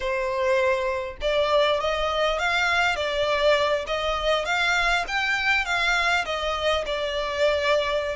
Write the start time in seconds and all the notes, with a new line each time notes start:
0.00 C5
1.21 D5
1.80 D#5
2.38 F5
2.96 D5
3.86 D#5
4.45 F5
5.07 G5
5.65 F5
6.25 D#5
6.86 D5